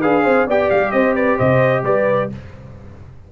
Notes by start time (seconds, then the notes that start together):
0.00 D4 G#4 B4 F5
0.24 C4 C5
0.46 B3 G4 D5 G5
0.70 G3 F5
0.91 C4 C5 D#5
1.15 B4 D5
1.37 C3 C5 D#5
1.83 G3 B4 D5